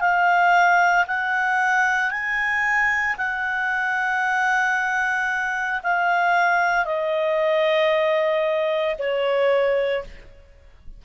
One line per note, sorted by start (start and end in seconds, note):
0.00 1.05 F5
1.07 2.10 F#5
2.10 3.15 G#5
3.17 5.80 F#5
5.83 6.85 F5
6.85 8.95 D#5
8.98 10.03 C#5